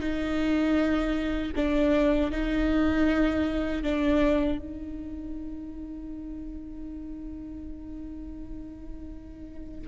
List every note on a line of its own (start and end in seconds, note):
0.00 1.52 D#4
1.56 2.31 D4
2.31 3.83 D#4
3.83 4.58 D4
4.58 9.88 D#4